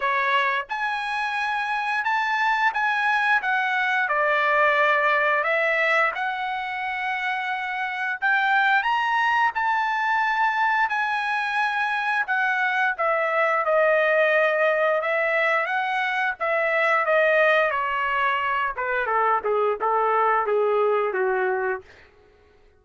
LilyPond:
\new Staff \with { instrumentName = "trumpet" } { \time 4/4 \tempo 4 = 88 cis''4 gis''2 a''4 | gis''4 fis''4 d''2 | e''4 fis''2. | g''4 ais''4 a''2 |
gis''2 fis''4 e''4 | dis''2 e''4 fis''4 | e''4 dis''4 cis''4. b'8 | a'8 gis'8 a'4 gis'4 fis'4 | }